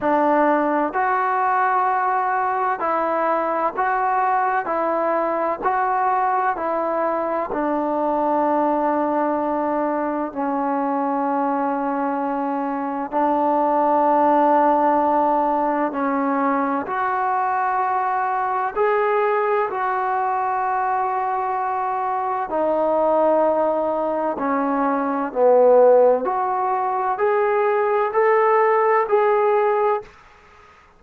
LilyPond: \new Staff \with { instrumentName = "trombone" } { \time 4/4 \tempo 4 = 64 d'4 fis'2 e'4 | fis'4 e'4 fis'4 e'4 | d'2. cis'4~ | cis'2 d'2~ |
d'4 cis'4 fis'2 | gis'4 fis'2. | dis'2 cis'4 b4 | fis'4 gis'4 a'4 gis'4 | }